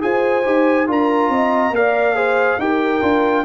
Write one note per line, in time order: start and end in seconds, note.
0.00 0.45 F4
0.00 0.43 G#4
0.00 0.89 C5
0.00 0.87 G#5
0.44 0.88 D#4
0.44 0.87 G4
0.87 1.29 D4
0.87 1.72 F4
0.87 1.31 A#4
0.87 1.75 A#5
1.29 1.70 C4
1.29 1.73 D#5
1.70 2.56 A#3
1.70 2.15 A#4
1.70 2.16 D5
1.70 2.60 F5
2.15 2.57 G#4
2.15 2.59 C5
2.58 3.01 D#4
2.58 3.01 G4
2.58 3.45 A#4
2.58 3.45 G5
3.01 3.45 D4
3.01 3.44 F4